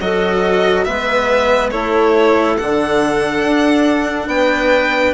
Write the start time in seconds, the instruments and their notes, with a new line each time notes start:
0.00 bassoon F#3, cello F#4, clarinet A4, violin D#5
0.84 bassoon G#3, cello B3, clarinet B4, violin E5
1.70 bassoon A3, cello E4, clarinet A4, violin C#5
2.56 bassoon D3, cello D4, violin F#5
3.43 bassoon D4
4.27 bassoon B3, clarinet B4, violin G5